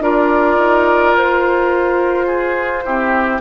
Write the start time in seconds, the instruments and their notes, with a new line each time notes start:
0.00 bassoon D4, clarinet F4, oboe A#4, flute D5
0.58 bassoon D#4
1.17 bassoon F4, flute C5
2.27 oboe G#4
2.85 clarinet C4, bassoon E4, oboe G4